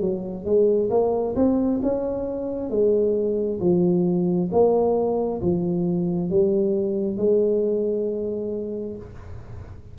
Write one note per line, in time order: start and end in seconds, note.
0.00 0.45 F#3
0.45 0.90 G#3
0.90 1.34 A#3
1.36 1.80 C4
1.82 2.70 C#4
2.70 3.59 G#3
3.60 4.49 F3
4.51 5.41 A#3
5.41 6.30 F3
6.30 7.17 G3
7.17 8.96 G#3